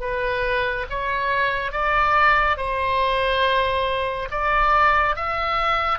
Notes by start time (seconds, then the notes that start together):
0.00 B4
0.90 C#5
1.71 D5
2.57 C5
4.31 D5
5.16 E5